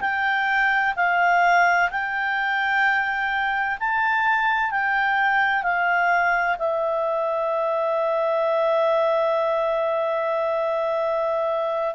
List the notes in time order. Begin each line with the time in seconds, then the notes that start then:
0.00 G5
0.96 F5
1.90 G5
3.79 A5
4.70 G5
5.62 F5
6.58 E5